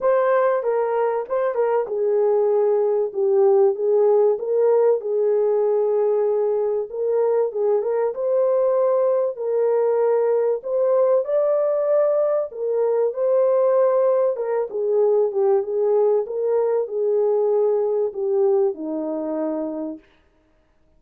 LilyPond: \new Staff \with { instrumentName = "horn" } { \time 4/4 \tempo 4 = 96 c''4 ais'4 c''8 ais'8 gis'4~ | gis'4 g'4 gis'4 ais'4 | gis'2. ais'4 | gis'8 ais'8 c''2 ais'4~ |
ais'4 c''4 d''2 | ais'4 c''2 ais'8 gis'8~ | gis'8 g'8 gis'4 ais'4 gis'4~ | gis'4 g'4 dis'2 | }